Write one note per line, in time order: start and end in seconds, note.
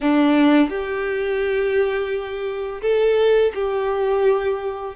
0.01 0.69 D4
0.69 2.81 G4
2.81 3.52 A4
3.54 4.95 G4